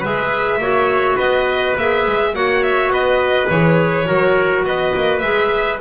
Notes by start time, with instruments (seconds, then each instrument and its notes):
0.00 double bass G#3, clarinet G#4, trumpet B4, violin E5
0.58 double bass A#3, clarinet F#4, trumpet C#5
1.16 double bass B3, trumpet B4, violin D#5
1.77 double bass A#3, clarinet G#4, violin E5
2.06 double bass G#3
2.33 double bass A#3, clarinet F#4, trumpet C#5, violin F#5
2.63 violin E5
2.88 double bass B3, trumpet B4, violin D#5
3.48 double bass E3, clarinet G#4, violin C#5
4.05 double bass F#3, clarinet F#4, trumpet A#4
4.64 double bass B3, trumpet B4, violin D#5
4.94 double bass A#3
5.19 double bass G#3, clarinet G#4, violin E5